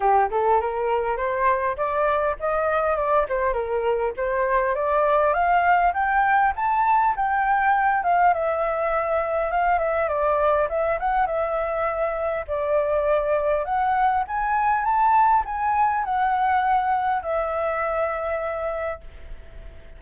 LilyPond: \new Staff \with { instrumentName = "flute" } { \time 4/4 \tempo 4 = 101 g'8 a'8 ais'4 c''4 d''4 | dis''4 d''8 c''8 ais'4 c''4 | d''4 f''4 g''4 a''4 | g''4. f''8 e''2 |
f''8 e''8 d''4 e''8 fis''8 e''4~ | e''4 d''2 fis''4 | gis''4 a''4 gis''4 fis''4~ | fis''4 e''2. | }